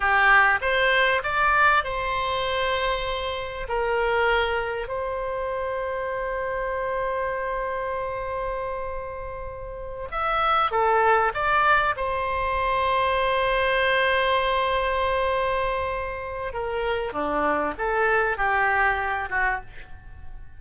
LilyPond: \new Staff \with { instrumentName = "oboe" } { \time 4/4 \tempo 4 = 98 g'4 c''4 d''4 c''4~ | c''2 ais'2 | c''1~ | c''1~ |
c''8 e''4 a'4 d''4 c''8~ | c''1~ | c''2. ais'4 | d'4 a'4 g'4. fis'8 | }